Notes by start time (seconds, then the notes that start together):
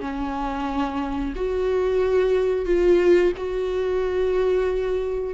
0.00 C#4
1.35 F#4
2.65 F4
3.36 F#4